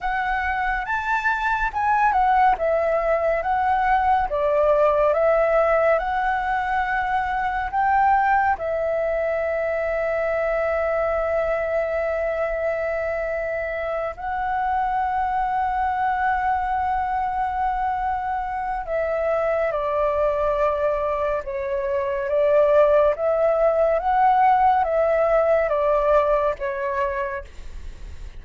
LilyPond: \new Staff \with { instrumentName = "flute" } { \time 4/4 \tempo 4 = 70 fis''4 a''4 gis''8 fis''8 e''4 | fis''4 d''4 e''4 fis''4~ | fis''4 g''4 e''2~ | e''1~ |
e''8 fis''2.~ fis''8~ | fis''2 e''4 d''4~ | d''4 cis''4 d''4 e''4 | fis''4 e''4 d''4 cis''4 | }